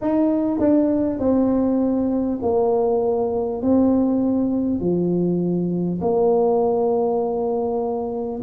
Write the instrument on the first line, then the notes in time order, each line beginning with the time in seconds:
tuba
0.01 D#4
0.59 D4
1.19 C4
2.42 A#3
3.62 C4
4.79 F3
6.01 A#3